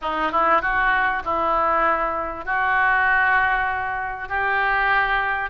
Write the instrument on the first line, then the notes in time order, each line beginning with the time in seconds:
oboe
0.01 D#4
0.31 E4
0.61 F#4
1.24 E4
2.45 F#4
4.29 G4